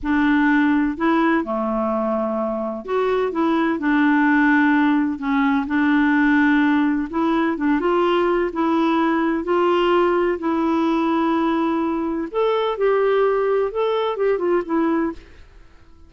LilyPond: \new Staff \with { instrumentName = "clarinet" } { \time 4/4 \tempo 4 = 127 d'2 e'4 a4~ | a2 fis'4 e'4 | d'2. cis'4 | d'2. e'4 |
d'8 f'4. e'2 | f'2 e'2~ | e'2 a'4 g'4~ | g'4 a'4 g'8 f'8 e'4 | }